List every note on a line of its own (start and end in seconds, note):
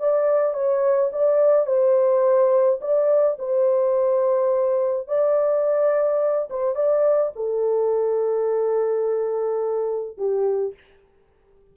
0.00 0.54 D5
0.54 1.10 C#5
1.12 1.67 D5
1.67 2.80 C5
2.81 3.38 D5
3.39 5.08 C5
5.08 6.49 D5
6.50 6.75 C5
6.75 7.32 D5
7.36 10.18 A4
10.18 10.74 G4